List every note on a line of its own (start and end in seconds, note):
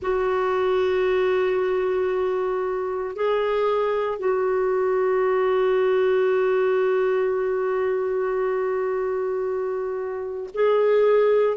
0.02 3.15 F#4
3.15 4.18 G#4
4.18 10.50 F#4
10.54 11.57 G#4